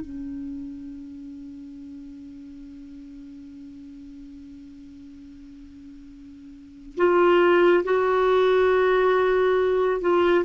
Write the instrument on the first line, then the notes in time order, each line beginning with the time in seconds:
clarinet
0.00 C#4
6.97 F4
7.84 F#4
10.01 F4